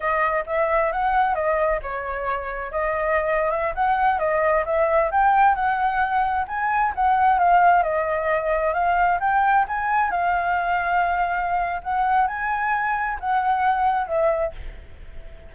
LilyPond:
\new Staff \with { instrumentName = "flute" } { \time 4/4 \tempo 4 = 132 dis''4 e''4 fis''4 dis''4 | cis''2 dis''4.~ dis''16 e''16~ | e''16 fis''4 dis''4 e''4 g''8.~ | g''16 fis''2 gis''4 fis''8.~ |
fis''16 f''4 dis''2 f''8.~ | f''16 g''4 gis''4 f''4.~ f''16~ | f''2 fis''4 gis''4~ | gis''4 fis''2 e''4 | }